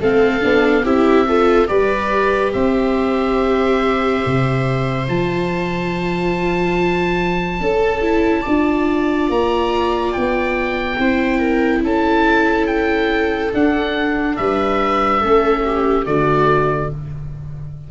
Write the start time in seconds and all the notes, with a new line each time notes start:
0.00 A3 C4 A4 F5
0.41 B3 D4
0.84 C4 E4 G4 E5
1.28 F4 A4
1.68 G3 G4 B4 D5
2.53 C4 C5 E5
4.26 C3
5.08 F3 F4 A5
7.60 C#4 A4
8.02 E4
8.41 D4 F4 D5
9.29 A#3 A#5
10.12 B3 G5
10.99 C4 E4 C5
11.39 A#4
11.83 C#4 A4 A5
12.67 G5
13.54 D4 F#5
14.36 G3 B4 E5
15.20 A3 C#4 A4
15.65 G4
16.05 D3 A3 F#4 D5